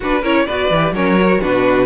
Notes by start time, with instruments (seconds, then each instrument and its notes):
0.00 cello D4, viola D4, violin F#4 B4
0.21 cello C#4, viola E4, violin A#4 C#5
0.46 cello B3, viola F#4, violin B4 D5
0.69 cello E3, viola G4
0.91 cello F#3, viola C#4, violin A#4 C#5
1.19 viola F#4
1.40 cello B2, viola D4, violin F#4 B4